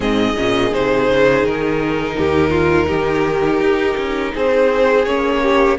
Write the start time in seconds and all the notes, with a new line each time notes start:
0.00 G#2 C4 G#4 D#5
0.36 A#2 C#4
0.72 C3 D#4 C5
1.08 C#3
1.43 D#3 A#4
2.17 D#2 G4
2.50 F4
2.87 D#3 G4
3.59 D#4
3.97 C#4
4.34 C4 G#4 C5
5.05 A#3 C#4 C#5
5.42 G4